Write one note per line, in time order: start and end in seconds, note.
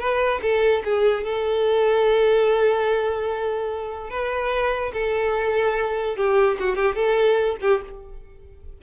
0.00 0.41 B4
0.42 0.83 A4
0.85 1.24 G#4
1.24 4.10 A4
4.10 4.93 B4
4.94 6.17 A4
6.17 6.58 G4
6.60 6.76 F#4
6.76 6.96 G4
6.96 7.57 A4
7.62 7.82 G4